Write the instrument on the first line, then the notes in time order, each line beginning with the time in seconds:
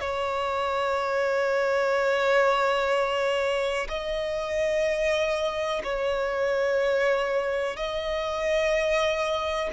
violin
0.00 C#5
3.88 D#5
5.83 C#5
7.76 D#5